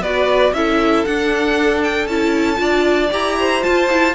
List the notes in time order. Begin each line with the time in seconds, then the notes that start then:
0.00 B3 F#4 B4 D5
0.52 C#4 E4 A4 E5
1.06 D4 F#5
1.84 G5
2.07 C#4 E4 A5
2.56 D4 F4 D5
3.11 E4 G4 A#5
3.39 C5
3.62 F4 A5
3.91 E4